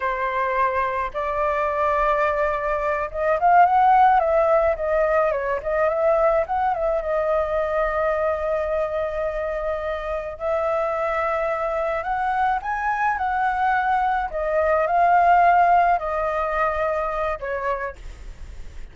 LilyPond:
\new Staff \with { instrumentName = "flute" } { \time 4/4 \tempo 4 = 107 c''2 d''2~ | d''4. dis''8 f''8 fis''4 e''8~ | e''8 dis''4 cis''8 dis''8 e''4 fis''8 | e''8 dis''2.~ dis''8~ |
dis''2~ dis''8 e''4.~ | e''4. fis''4 gis''4 fis''8~ | fis''4. dis''4 f''4.~ | f''8 dis''2~ dis''8 cis''4 | }